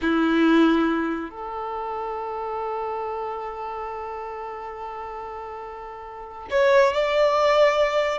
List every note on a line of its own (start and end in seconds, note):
0.01 1.30 E4
1.30 6.48 A4
6.50 6.93 C#5
6.93 8.18 D5